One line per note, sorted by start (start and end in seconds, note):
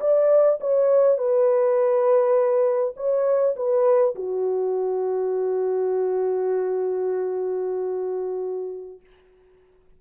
0.00 0.59 D5
0.60 1.18 C#5
1.18 2.94 B4
2.96 3.55 C#5
3.56 4.14 B4
4.15 9.00 F#4